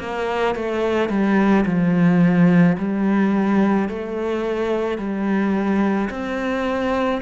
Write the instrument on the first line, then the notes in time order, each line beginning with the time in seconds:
cello
0.00 A#3
0.56 A3
1.10 G3
1.66 F3
2.78 G3
3.89 A3
4.98 G3
6.11 C4